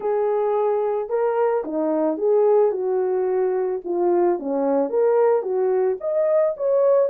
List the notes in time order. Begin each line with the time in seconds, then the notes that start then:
0.00 G#4
1.09 A#4
1.64 D#4
2.17 G#4
2.71 F#4
3.84 F4
4.39 C#4
4.89 A#4
5.42 F#4
6.00 D#5
6.56 C#5